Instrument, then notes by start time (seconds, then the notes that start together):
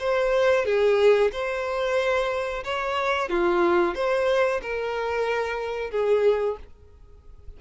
violin
0.00 C5
0.66 G#4
1.32 C5
2.65 C#5
3.30 F4
3.95 C5
4.62 A#4
5.91 G#4